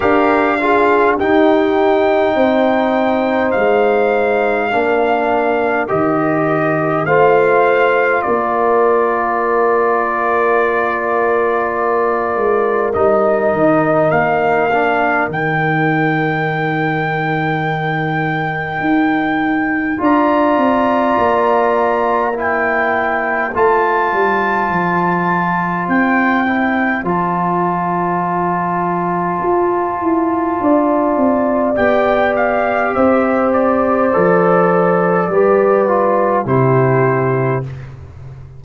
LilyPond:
<<
  \new Staff \with { instrumentName = "trumpet" } { \time 4/4 \tempo 4 = 51 f''4 g''2 f''4~ | f''4 dis''4 f''4 d''4~ | d''2. dis''4 | f''4 g''2.~ |
g''4 ais''2 g''4 | a''2 g''4 a''4~ | a''2. g''8 f''8 | e''8 d''2~ d''8 c''4 | }
  \new Staff \with { instrumentName = "horn" } { \time 4/4 ais'8 gis'8 g'4 c''2 | ais'2 c''4 ais'4~ | ais'1~ | ais'1~ |
ais'4 d''2 c''4~ | c''1~ | c''2 d''2 | c''2 b'4 g'4 | }
  \new Staff \with { instrumentName = "trombone" } { \time 4/4 g'8 f'8 dis'2. | d'4 g'4 f'2~ | f'2. dis'4~ | dis'8 d'8 dis'2.~ |
dis'4 f'2 e'4 | f'2~ f'8 e'8 f'4~ | f'2. g'4~ | g'4 a'4 g'8 f'8 e'4 | }
  \new Staff \with { instrumentName = "tuba" } { \time 4/4 d'4 dis'4 c'4 gis4 | ais4 dis4 a4 ais4~ | ais2~ ais8 gis8 g8 dis8 | ais4 dis2. |
dis'4 d'8 c'8 ais2 | a8 g8 f4 c'4 f4~ | f4 f'8 e'8 d'8 c'8 b4 | c'4 f4 g4 c4 | }
>>